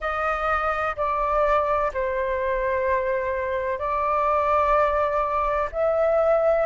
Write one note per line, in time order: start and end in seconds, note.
0.00 0.96 D#5
0.96 1.91 D5
1.93 3.78 C5
3.78 5.69 D5
5.71 6.65 E5